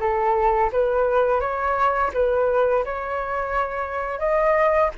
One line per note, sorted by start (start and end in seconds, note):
0.00 0.71 A4
0.73 1.41 B4
1.41 2.11 C#5
2.14 2.85 B4
2.85 4.19 C#5
4.19 4.90 D#5